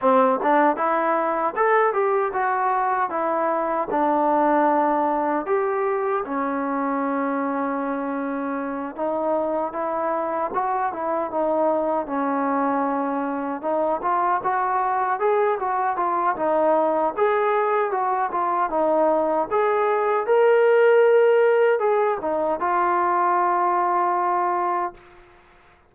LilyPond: \new Staff \with { instrumentName = "trombone" } { \time 4/4 \tempo 4 = 77 c'8 d'8 e'4 a'8 g'8 fis'4 | e'4 d'2 g'4 | cis'2.~ cis'8 dis'8~ | dis'8 e'4 fis'8 e'8 dis'4 cis'8~ |
cis'4. dis'8 f'8 fis'4 gis'8 | fis'8 f'8 dis'4 gis'4 fis'8 f'8 | dis'4 gis'4 ais'2 | gis'8 dis'8 f'2. | }